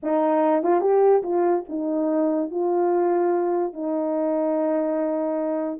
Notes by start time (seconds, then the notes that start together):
0.02 D#4
0.63 F4
0.81 G4
1.22 F4
1.68 D#4
2.50 F4
3.73 D#4